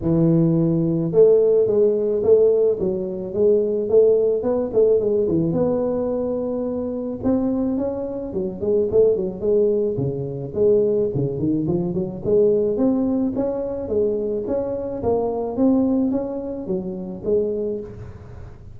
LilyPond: \new Staff \with { instrumentName = "tuba" } { \time 4/4 \tempo 4 = 108 e2 a4 gis4 | a4 fis4 gis4 a4 | b8 a8 gis8 e8 b2~ | b4 c'4 cis'4 fis8 gis8 |
a8 fis8 gis4 cis4 gis4 | cis8 dis8 f8 fis8 gis4 c'4 | cis'4 gis4 cis'4 ais4 | c'4 cis'4 fis4 gis4 | }